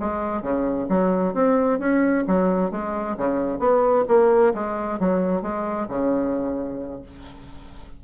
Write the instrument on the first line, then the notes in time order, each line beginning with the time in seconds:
bassoon
0.00 G#3
0.42 C#3
0.89 F#3
1.34 C4
1.79 C#4
2.27 F#3
2.71 G#3
3.18 C#3
3.60 B3
4.08 A#3
4.54 G#3
5.00 F#3
5.42 G#3
5.88 C#3